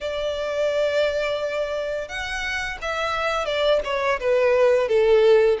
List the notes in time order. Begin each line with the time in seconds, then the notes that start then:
0.01 D5
2.08 F#5
2.81 E5
3.45 D5
3.84 C#5
4.20 B4
4.88 A4